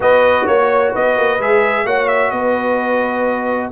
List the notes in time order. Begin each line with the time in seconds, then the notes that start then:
0.00 B3 F#4 B4 D#5
0.45 A#3 C#5
0.92 B3 B4 D#5
1.17 A#3
1.38 G#3 G#4 E5
1.85 A#3 F#4 C#5 F#5
2.08 E5
2.30 B3 B4 D#5